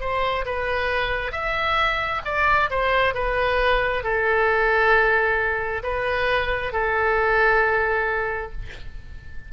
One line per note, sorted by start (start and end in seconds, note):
0.00 0.45 C5
0.45 1.31 B4
1.31 2.21 E5
2.25 2.69 D5
2.70 3.14 C5
3.14 4.03 B4
4.03 5.82 A4
5.83 6.72 B4
6.72 8.52 A4